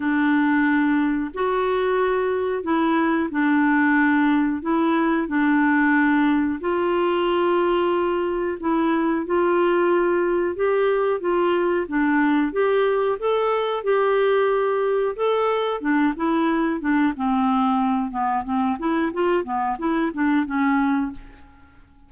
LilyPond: \new Staff \with { instrumentName = "clarinet" } { \time 4/4 \tempo 4 = 91 d'2 fis'2 | e'4 d'2 e'4 | d'2 f'2~ | f'4 e'4 f'2 |
g'4 f'4 d'4 g'4 | a'4 g'2 a'4 | d'8 e'4 d'8 c'4. b8 | c'8 e'8 f'8 b8 e'8 d'8 cis'4 | }